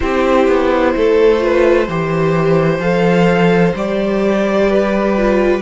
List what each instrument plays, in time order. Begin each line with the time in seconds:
0.00 cello C4, viola E4, violin G4 C5
0.47 cello B3
0.96 cello A3, violin A4
1.39 viola F4, violin B4
1.88 cello E3, viola G4, violin C5
2.79 cello F3, viola A4, violin F5
3.74 cello G3, viola G4, violin D5
4.69 violin B4
5.17 viola F4